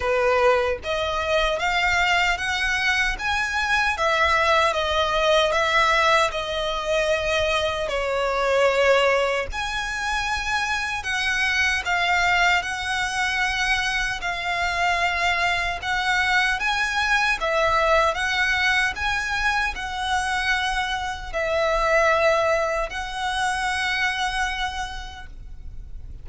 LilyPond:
\new Staff \with { instrumentName = "violin" } { \time 4/4 \tempo 4 = 76 b'4 dis''4 f''4 fis''4 | gis''4 e''4 dis''4 e''4 | dis''2 cis''2 | gis''2 fis''4 f''4 |
fis''2 f''2 | fis''4 gis''4 e''4 fis''4 | gis''4 fis''2 e''4~ | e''4 fis''2. | }